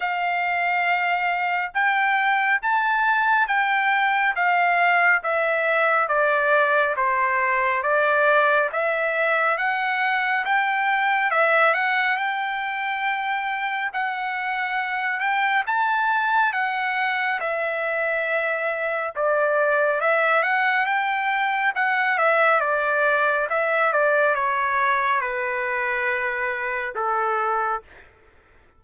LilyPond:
\new Staff \with { instrumentName = "trumpet" } { \time 4/4 \tempo 4 = 69 f''2 g''4 a''4 | g''4 f''4 e''4 d''4 | c''4 d''4 e''4 fis''4 | g''4 e''8 fis''8 g''2 |
fis''4. g''8 a''4 fis''4 | e''2 d''4 e''8 fis''8 | g''4 fis''8 e''8 d''4 e''8 d''8 | cis''4 b'2 a'4 | }